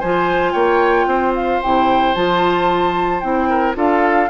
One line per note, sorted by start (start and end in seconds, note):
0.00 0.54 F3
0.00 1.64 F4
0.00 0.53 C5
0.00 0.52 G#5
0.52 1.06 A#3
0.52 1.06 C#5
0.52 1.33 G5
1.06 1.60 C4
1.06 3.49 C5
1.35 1.62 F5
1.62 2.16 C3
1.62 2.16 E4
1.62 2.15 G5
2.15 3.23 F3
2.15 3.23 F4
2.15 3.20 A5
3.20 3.76 C4
3.20 3.74 E4
3.20 3.74 G5
3.49 3.76 A#4
3.74 4.29 D4
3.74 4.28 F4
3.74 4.30 A4
3.74 4.30 F5